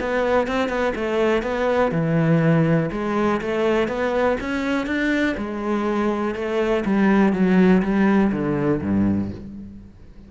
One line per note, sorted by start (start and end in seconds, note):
0.00 0.47 B3
0.47 0.69 C4
0.69 0.93 B3
0.95 1.42 A3
1.42 1.91 B3
1.92 2.90 E3
2.92 3.41 G#3
3.41 3.88 A3
3.88 4.37 B3
4.41 4.86 C#4
4.86 5.36 D4
5.37 6.35 G#3
6.35 6.84 A3
6.85 7.33 G3
7.33 7.82 F#3
7.82 8.32 G3
8.32 8.81 D3
8.82 9.31 G2